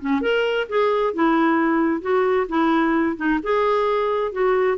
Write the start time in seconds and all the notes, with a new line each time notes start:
0.00 C#4
0.21 A#4
0.69 G#4
1.13 E4
2.01 F#4
2.48 E4
3.16 D#4
3.42 G#4
4.32 F#4